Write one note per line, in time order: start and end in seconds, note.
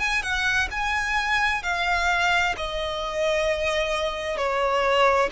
0.00 0.23 G#5
0.23 0.69 F#5
0.71 1.63 G#5
1.63 2.55 F5
2.57 4.37 D#5
4.37 5.30 C#5